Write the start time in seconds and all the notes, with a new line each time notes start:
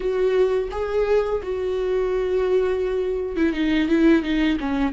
0.00 F#4
0.71 G#4
1.42 F#4
3.36 E4
3.53 D#4
3.88 E4
4.23 D#4
4.59 C#4